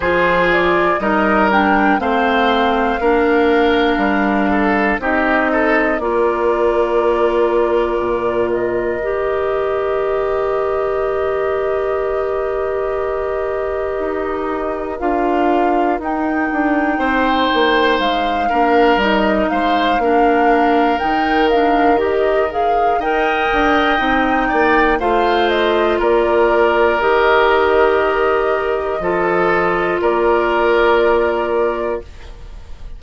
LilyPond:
<<
  \new Staff \with { instrumentName = "flute" } { \time 4/4 \tempo 4 = 60 c''8 d''8 dis''8 g''8 f''2~ | f''4 dis''4 d''2~ | d''8 dis''2.~ dis''8~ | dis''2. f''4 |
g''2 f''4 dis''8 f''8~ | f''4 g''8 f''8 dis''8 f''8 g''4~ | g''4 f''8 dis''8 d''4 dis''4~ | dis''2 d''2 | }
  \new Staff \with { instrumentName = "oboe" } { \time 4/4 gis'4 ais'4 c''4 ais'4~ | ais'8 a'8 g'8 a'8 ais'2~ | ais'1~ | ais'1~ |
ais'4 c''4. ais'4 c''8 | ais'2. dis''4~ | dis''8 d''8 c''4 ais'2~ | ais'4 a'4 ais'2 | }
  \new Staff \with { instrumentName = "clarinet" } { \time 4/4 f'4 dis'8 d'8 c'4 d'4~ | d'4 dis'4 f'2~ | f'4 g'2.~ | g'2. f'4 |
dis'2~ dis'8 d'8 dis'4 | d'4 dis'8 d'8 g'8 gis'8 ais'4 | dis'4 f'2 g'4~ | g'4 f'2. | }
  \new Staff \with { instrumentName = "bassoon" } { \time 4/4 f4 g4 a4 ais4 | g4 c'4 ais2 | ais,4 dis2.~ | dis2 dis'4 d'4 |
dis'8 d'8 c'8 ais8 gis8 ais8 g8 gis8 | ais4 dis2 dis'8 d'8 | c'8 ais8 a4 ais4 dis4~ | dis4 f4 ais2 | }
>>